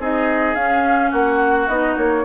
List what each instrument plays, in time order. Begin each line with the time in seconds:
0.00 bassoon C4, clarinet D#4, oboe G#4, flute D#5
0.55 bassoon C#4, clarinet C#4, flute F5
1.11 bassoon A#3, oboe F#4, flute F#5
1.68 bassoon B3, clarinet D#4, flute D#5
1.97 bassoon A#3, flute C#5